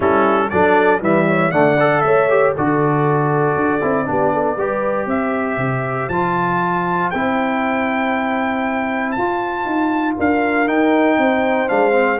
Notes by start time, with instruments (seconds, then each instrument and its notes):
0.00 tuba G3, trombone C#4, horn E4, trumpet A4
0.49 tuba F#3, trombone D4, horn A4, trumpet D5
1.01 tuba E3, trombone G3, horn B4, trumpet E5
1.28 horn C#5
1.51 tuba D3, trombone A3, horn D5, trumpet F#5
1.79 trombone A4
2.01 tuba A3, horn C#5, trumpet E5
2.29 trombone G4
2.54 tuba D3, trombone F#4, horn A4, trumpet D5
3.55 tuba D4
3.81 tuba C4, trombone E4
4.05 tuba B3, trombone D4, horn G4
4.33 horn A4
4.57 tuba G3, trombone G4, horn B4
5.06 tuba C4, horn C5, trumpet E5
5.57 tuba C3
6.08 tuba F3, trombone F4, trumpet A5
7.10 tuba C4, trombone E4, trumpet G5
9.11 tuba F4, trumpet A5
9.18 trombone F4
9.65 tuba D#4
10.17 tuba D4, horn A#4, trumpet F5
10.66 trombone D#4, tuba D#4, trumpet G5
11.18 tuba C4, horn C5
11.68 tuba G#3, trombone D4, trumpet F5
11.92 trombone C4